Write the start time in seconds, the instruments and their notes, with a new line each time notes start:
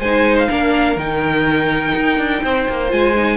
0.00 cello G#3, viola D#4, violin C5 G#5
0.39 violin F5
0.49 cello A#3, viola D4, violin A#4
0.97 cello D#3, viola D#4, violin G5
1.95 cello D#4
2.18 cello D4
2.43 cello C4, violin C5
2.69 cello A#3
2.90 cello G#3, viola F4, violin G#5
3.17 viola D#4